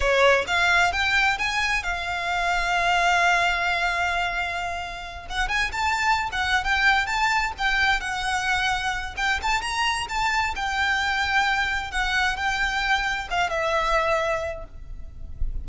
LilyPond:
\new Staff \with { instrumentName = "violin" } { \time 4/4 \tempo 4 = 131 cis''4 f''4 g''4 gis''4 | f''1~ | f''2.~ f''8 fis''8 | gis''8 a''4~ a''16 fis''8. g''4 a''8~ |
a''8 g''4 fis''2~ fis''8 | g''8 a''8 ais''4 a''4 g''4~ | g''2 fis''4 g''4~ | g''4 f''8 e''2~ e''8 | }